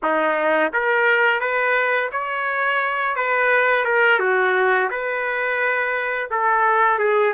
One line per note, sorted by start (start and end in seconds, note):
0.02 0.72 D#4
0.73 1.40 A#4
1.40 2.10 B4
2.12 3.16 C#5
3.16 3.84 B4
3.84 4.19 A#4
4.19 4.89 F#4
4.90 6.29 B4
6.30 6.98 A4
6.98 7.33 G#4